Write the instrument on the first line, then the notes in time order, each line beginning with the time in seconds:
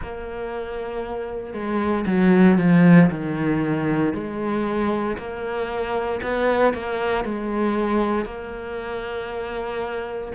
cello
0.01 A#3
1.53 G#3
2.06 F#3
2.58 F3
3.10 D#3
4.13 G#3
5.17 A#3
6.22 B3
6.73 A#3
7.24 G#3
8.25 A#3